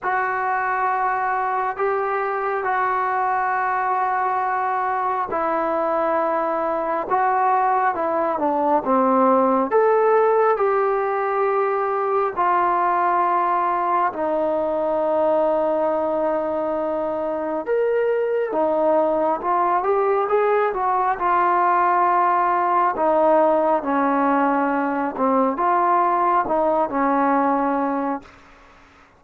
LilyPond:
\new Staff \with { instrumentName = "trombone" } { \time 4/4 \tempo 4 = 68 fis'2 g'4 fis'4~ | fis'2 e'2 | fis'4 e'8 d'8 c'4 a'4 | g'2 f'2 |
dis'1 | ais'4 dis'4 f'8 g'8 gis'8 fis'8 | f'2 dis'4 cis'4~ | cis'8 c'8 f'4 dis'8 cis'4. | }